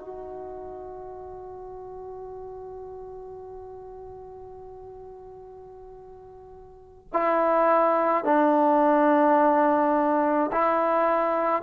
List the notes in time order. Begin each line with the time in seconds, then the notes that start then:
0.00 F#4
7.13 E4
8.24 D4
10.52 E4